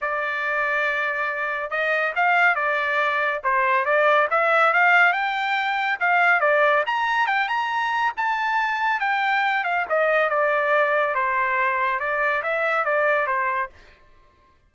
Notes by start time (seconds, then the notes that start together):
0.01 D5
1.70 D#5
2.15 F5
2.55 D5
3.43 C5
3.85 D5
4.30 E5
4.73 F5
5.13 G5
6.00 F5
6.40 D5
6.86 A#5
7.26 G5
7.48 A#5
8.16 A5
9.00 G5
9.64 F5
9.89 D#5
10.29 D5
11.14 C5
11.99 D5
12.42 E5
12.85 D5
13.26 C5